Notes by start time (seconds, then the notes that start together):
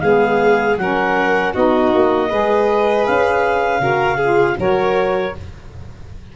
0.00 G#3 B3 G#4 F5
0.77 F#3 C#4 A#4 F#5
1.53 B3 D#4 F#4 D#5
1.94 A#3
2.29 G#3 G#4 B4
3.06 C#4 F5
3.79 C#3 F#4 A#4
4.17 F4 G#4
4.56 F#3 F#4 A#4 C#5